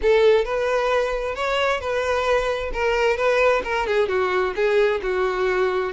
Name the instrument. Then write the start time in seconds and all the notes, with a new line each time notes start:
violin
0.02 A4
0.44 B4
1.35 C#5
1.80 B4
2.73 A#4
3.16 B4
3.64 A#4
3.86 G#4
4.08 F#4
4.55 G#4
5.02 F#4